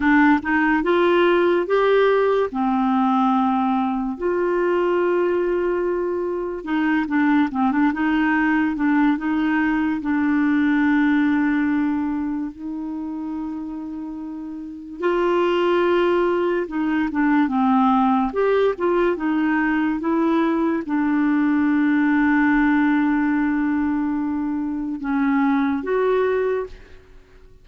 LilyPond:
\new Staff \with { instrumentName = "clarinet" } { \time 4/4 \tempo 4 = 72 d'8 dis'8 f'4 g'4 c'4~ | c'4 f'2. | dis'8 d'8 c'16 d'16 dis'4 d'8 dis'4 | d'2. dis'4~ |
dis'2 f'2 | dis'8 d'8 c'4 g'8 f'8 dis'4 | e'4 d'2.~ | d'2 cis'4 fis'4 | }